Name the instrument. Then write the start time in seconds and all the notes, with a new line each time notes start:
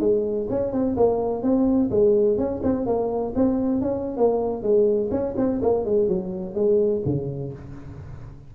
tuba
0.00 G#3
0.50 C#4
0.73 C4
0.97 A#3
1.43 C4
1.91 G#3
2.38 C#4
2.63 C4
2.86 A#3
3.35 C4
3.82 C#4
4.18 A#3
4.63 G#3
5.11 C#4
5.37 C4
5.62 A#3
5.85 G#3
6.09 F#3
6.55 G#3
7.06 C#3